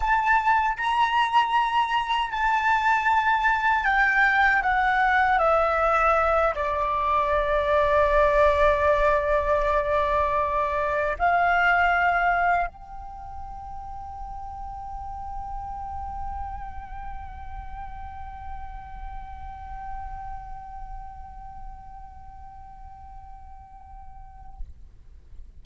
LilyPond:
\new Staff \with { instrumentName = "flute" } { \time 4/4 \tempo 4 = 78 a''4 ais''2 a''4~ | a''4 g''4 fis''4 e''4~ | e''8 d''2.~ d''8~ | d''2~ d''8 f''4.~ |
f''8 g''2.~ g''8~ | g''1~ | g''1~ | g''1 | }